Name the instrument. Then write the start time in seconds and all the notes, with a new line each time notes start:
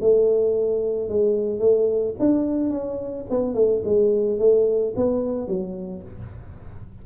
tuba
0.00 A3
1.09 G#3
1.59 A3
2.19 D4
2.70 C#4
3.30 B3
3.54 A3
3.84 G#3
4.38 A3
4.96 B3
5.47 F#3